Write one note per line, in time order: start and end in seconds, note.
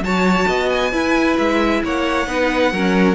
0.00 0.45 F#3
0.00 0.91 F#4
0.00 0.47 C#5
0.00 0.69 A5
0.47 0.92 B3
0.47 0.91 D#5
0.69 1.36 G#5
0.91 2.26 E4
0.91 1.37 E4
0.91 1.81 B4
1.37 1.83 G#3
1.37 1.83 E5
1.83 2.27 A#3
1.83 2.27 C#5
1.83 3.14 F#5
2.26 2.72 B3
2.26 2.71 D#4
2.26 2.72 B4
2.72 3.14 F#3
2.72 3.14 C#4
2.72 3.14 A#4